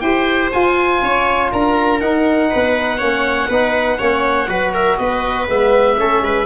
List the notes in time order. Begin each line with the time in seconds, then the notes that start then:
0.00 E4 G4 C5 G5
0.52 F4 G#5
1.02 C#4 C#5
1.51 D4 A#4 A#5
2.00 D#4 F#5
2.50 B3 B4
2.97 A#3 C#4 C#5
3.49 B3 D#4 B4
3.98 A#3 C#4 C#5
4.48 F#3 F#4 B4
4.74 A#4 E5
4.97 B3 B4 D#5
5.47 G#3 B3 E5
5.97 A3 C#4 A4
6.22 G#3 B4